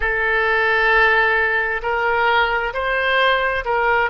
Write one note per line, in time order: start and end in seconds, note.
0.00 1.81 A4
1.82 2.73 A#4
2.73 3.64 C5
3.64 4.10 A#4